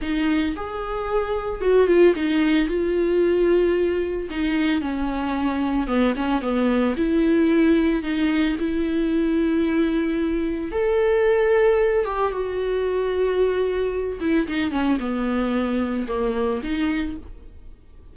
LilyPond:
\new Staff \with { instrumentName = "viola" } { \time 4/4 \tempo 4 = 112 dis'4 gis'2 fis'8 f'8 | dis'4 f'2. | dis'4 cis'2 b8 cis'8 | b4 e'2 dis'4 |
e'1 | a'2~ a'8 g'8 fis'4~ | fis'2~ fis'8 e'8 dis'8 cis'8 | b2 ais4 dis'4 | }